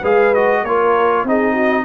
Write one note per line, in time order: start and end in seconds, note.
0.00 0.63 G#3
0.00 0.34 G#4
0.00 0.61 B4
0.00 0.34 F5
0.34 0.65 F#4
0.34 0.64 D#5
0.63 1.24 A#3
0.63 1.27 F4
0.63 1.27 A#4
0.63 1.25 C#5
1.24 1.85 C4
1.24 1.85 D#4
1.24 1.53 G#4
1.24 1.85 D#5
1.53 1.83 F#4